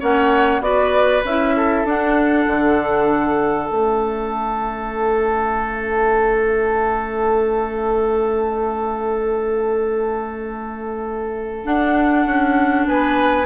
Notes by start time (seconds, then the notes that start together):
0.00 A#3 C#4 C#5 F#5
0.60 B3 F#4 B4 D5
1.25 C#4 E4 E5
1.57 A4
1.85 D4 F#5
2.47 D3
3.67 A3 C#4 E5
11.64 D4 F#5
12.26 C#4
12.87 B3 B4 G#5